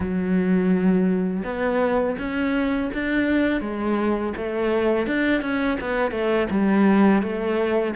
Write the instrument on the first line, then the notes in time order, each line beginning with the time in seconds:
cello
0.00 F#3
1.44 B3
2.18 C#4
2.93 D4
3.60 G#3
4.36 A3
5.06 D4
5.41 C#4
5.80 B3
6.11 A3
6.50 G3
7.22 A3